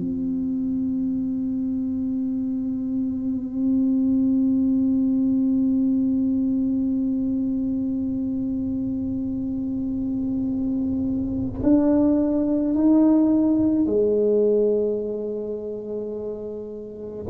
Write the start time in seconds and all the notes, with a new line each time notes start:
0.00 C4
11.63 D4
12.75 D#4
13.86 G#3